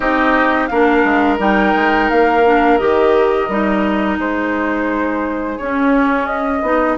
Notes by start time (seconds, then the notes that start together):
0.00 C4 D#4 G4 D#5
0.67 A#3 D4 A#4 F5
1.04 G#3
1.38 G3 D#4 G5
1.75 G#3
2.10 A#3 F5
2.45 D4
2.78 D#3 G4 D#5
3.48 G3 D#4
4.18 G#3 G#4 C5
5.58 C#4 C#5
6.26 D#5
6.62 B3 D#4